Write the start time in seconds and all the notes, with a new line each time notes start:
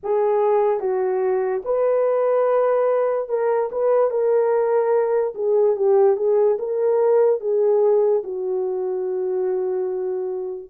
0.03 G#4
0.80 F#4
1.64 B4
3.28 A#4
3.71 B4
4.10 A#4
5.35 G#4
5.75 G4
6.16 G#4
6.58 A#4
7.40 G#4
8.23 F#4